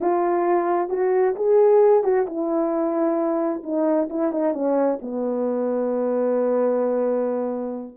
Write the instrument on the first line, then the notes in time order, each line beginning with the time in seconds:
horn
0.00 F4
0.89 F#4
1.35 G#4
2.03 F#4
2.26 E4
3.63 D#4
4.09 E4
4.31 D#4
4.53 C#4
5.01 B3